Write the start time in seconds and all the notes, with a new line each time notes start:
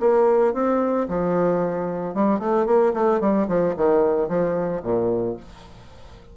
0.00 A#3
0.53 C4
1.08 F3
2.14 G3
2.39 A3
2.66 A#3
2.93 A3
3.20 G3
3.48 F3
3.76 D#3
4.28 F3
4.83 A#2